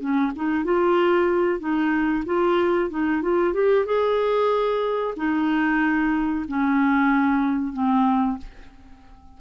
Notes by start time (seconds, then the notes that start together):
0.00 C#4
0.36 D#4
0.65 F4
1.60 D#4
2.26 F4
2.90 D#4
3.22 F4
3.53 G4
3.86 G#4
5.16 D#4
6.48 C#4
7.73 C4